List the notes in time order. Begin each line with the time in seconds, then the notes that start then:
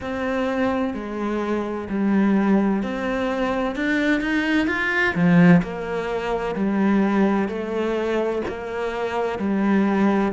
0.00 C4
0.94 G#3
1.89 G3
2.82 C4
3.75 D4
4.21 D#4
4.67 F4
5.14 F3
5.62 A#3
6.55 G3
7.48 A3
8.48 A#3
9.38 G3